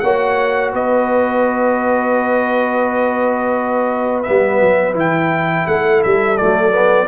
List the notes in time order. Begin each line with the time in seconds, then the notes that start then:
0.00 A#3 F#4 C#5 F#5
0.73 B3 B4 D#5
4.23 B3 E5
4.29 G3
4.61 F#3
4.94 E3 E4 G5
5.67 A3 A4 F#5
6.04 G3 E5
6.37 F#3 A3 D5
6.72 B3